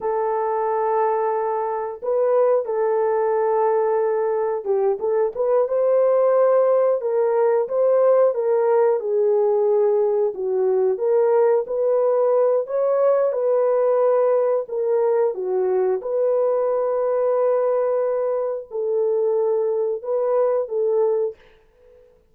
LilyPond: \new Staff \with { instrumentName = "horn" } { \time 4/4 \tempo 4 = 90 a'2. b'4 | a'2. g'8 a'8 | b'8 c''2 ais'4 c''8~ | c''8 ais'4 gis'2 fis'8~ |
fis'8 ais'4 b'4. cis''4 | b'2 ais'4 fis'4 | b'1 | a'2 b'4 a'4 | }